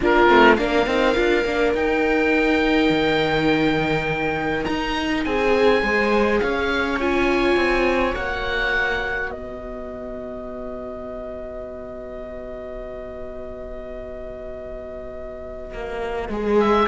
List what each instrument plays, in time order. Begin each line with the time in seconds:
0.00 cello A#3, viola D4 F4, oboe A#4
0.27 cello A3, viola C4
0.56 cello A#3, viola D4 A#4, oboe F5
0.86 cello C4, viola D#4
1.14 cello D4, viola F4
1.44 cello A#3, viola D4
1.74 cello D#4, viola D#4, oboe G5
2.89 cello D#3
4.64 cello D#4, oboe A#5
5.24 cello C4, viola G#4, oboe G#5
5.82 cello G#3, viola G#4 C5
6.41 cello C#4, viola C#5, oboe F5
6.99 viola F4, oboe G#5
7.56 cello C4
8.14 cello A#3, viola F#4, oboe F#5
9.30 cello B3, viola B4, oboe D#5
15.73 cello A#3
16.29 cello G#3, viola G#4
16.60 oboe E5